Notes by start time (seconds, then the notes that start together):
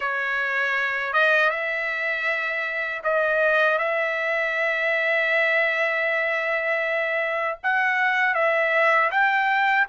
0.00 C#5
1.13 D#5
1.50 E5
3.03 D#5
3.78 E5
7.63 F#5
8.34 E5
9.11 G5